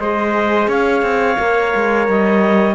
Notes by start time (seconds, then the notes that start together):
0.00 G#3 G#4 C5 D#5
0.68 C#4 C#5 F5
1.02 C4
1.37 A#3 A#4
1.76 G#3
2.08 G3 D#5